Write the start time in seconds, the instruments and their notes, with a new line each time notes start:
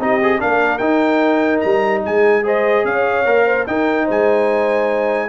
0.00 tuba C4, trombone D#4, horn G4, trumpet D#5
0.23 trombone G#4
0.39 tuba A#3, trombone D4, horn A#4, trumpet F5
0.78 tuba D#4, trombone D#4, trumpet G5
1.61 tuba G3, trumpet A#5
2.04 tuba G#3, horn G#4, trumpet G#5
2.43 trombone G#4, horn C5, trumpet D#5
2.85 tuba C#4, horn C#5, trumpet F5
3.26 tuba A#3, trombone A#4
3.46 horn C5
3.67 tuba D#4, trombone D#4, horn A#4, trumpet G5
4.05 tuba G#3, horn C5, trumpet G#5